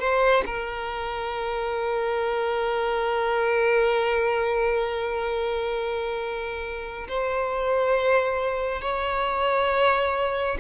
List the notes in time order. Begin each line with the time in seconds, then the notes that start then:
0.00 C5
0.46 A#4
7.09 C5
8.82 C#5